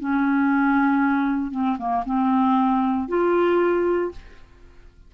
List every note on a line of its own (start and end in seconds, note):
0.00 1.51 C#4
1.51 1.77 C4
1.78 2.04 A#3
2.05 3.08 C4
3.08 4.12 F4